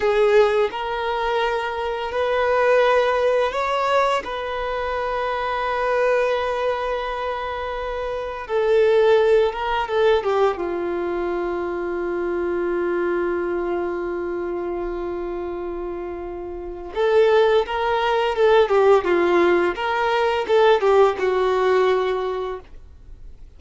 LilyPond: \new Staff \with { instrumentName = "violin" } { \time 4/4 \tempo 4 = 85 gis'4 ais'2 b'4~ | b'4 cis''4 b'2~ | b'1 | a'4. ais'8 a'8 g'8 f'4~ |
f'1~ | f'1 | a'4 ais'4 a'8 g'8 f'4 | ais'4 a'8 g'8 fis'2 | }